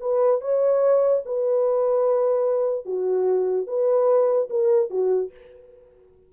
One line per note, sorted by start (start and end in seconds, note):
0.00 0.41 B4
0.41 1.23 C#5
1.25 2.86 B4
2.86 3.67 F#4
3.67 4.49 B4
4.50 4.90 A#4
4.90 5.31 F#4